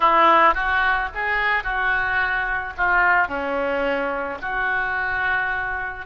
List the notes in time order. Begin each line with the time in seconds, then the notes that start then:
0.00 E4
0.54 F#4
1.14 G#4
1.63 F#4
2.77 F4
3.28 C#4
4.41 F#4